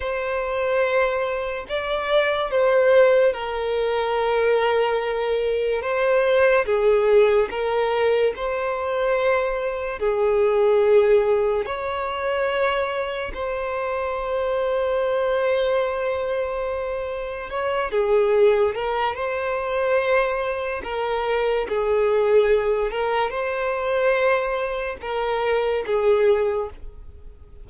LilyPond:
\new Staff \with { instrumentName = "violin" } { \time 4/4 \tempo 4 = 72 c''2 d''4 c''4 | ais'2. c''4 | gis'4 ais'4 c''2 | gis'2 cis''2 |
c''1~ | c''4 cis''8 gis'4 ais'8 c''4~ | c''4 ais'4 gis'4. ais'8 | c''2 ais'4 gis'4 | }